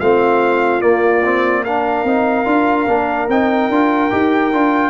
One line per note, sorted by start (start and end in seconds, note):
0.00 0.82 A3
0.00 0.82 C4
0.00 1.64 F4
0.00 0.82 F5
0.82 1.23 A#3
0.82 2.04 A#3
0.82 1.64 D5
1.24 1.66 C4
1.64 2.07 D4
1.64 4.90 A#4
1.64 3.29 F5
2.04 2.45 C4
2.04 2.46 D#4
2.46 2.87 D4
2.46 2.87 F4
2.87 3.29 A#3
2.87 3.29 D4
3.29 3.70 C4
3.29 3.72 D#4
3.29 4.90 G5
3.70 4.11 D4
3.70 4.11 F4
4.11 4.53 D#4
4.11 4.52 G4
4.53 4.90 D4
4.53 4.90 F4